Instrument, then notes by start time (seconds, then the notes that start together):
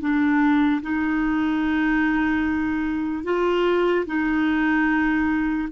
clarinet
0.00 D4
0.82 D#4
3.24 F4
4.06 D#4